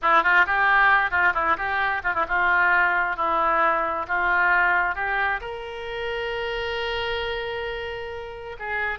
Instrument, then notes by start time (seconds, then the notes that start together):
oboe
0.02 E4
0.23 F4
0.46 G4
1.10 F4
1.34 E4
1.57 G4
2.03 F4
2.13 E4
2.28 F4
3.16 E4
4.07 F4
4.95 G4
5.40 A#4
8.59 G#4